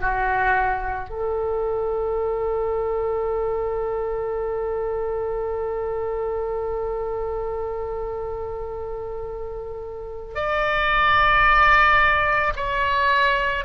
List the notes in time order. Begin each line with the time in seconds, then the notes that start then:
0.00 F#4
1.09 A4
10.34 D5
12.56 C#5